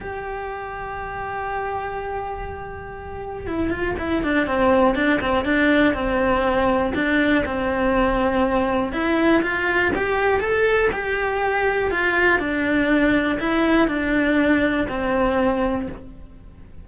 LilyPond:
\new Staff \with { instrumentName = "cello" } { \time 4/4 \tempo 4 = 121 g'1~ | g'2. e'8 f'8 | e'8 d'8 c'4 d'8 c'8 d'4 | c'2 d'4 c'4~ |
c'2 e'4 f'4 | g'4 a'4 g'2 | f'4 d'2 e'4 | d'2 c'2 | }